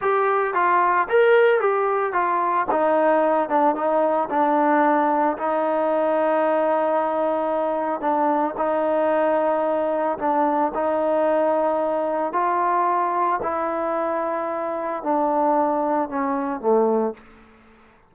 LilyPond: \new Staff \with { instrumentName = "trombone" } { \time 4/4 \tempo 4 = 112 g'4 f'4 ais'4 g'4 | f'4 dis'4. d'8 dis'4 | d'2 dis'2~ | dis'2. d'4 |
dis'2. d'4 | dis'2. f'4~ | f'4 e'2. | d'2 cis'4 a4 | }